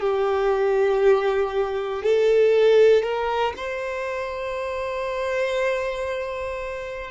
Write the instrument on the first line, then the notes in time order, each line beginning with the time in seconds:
violin
0.00 G4
2.02 A4
3.02 A#4
3.56 C5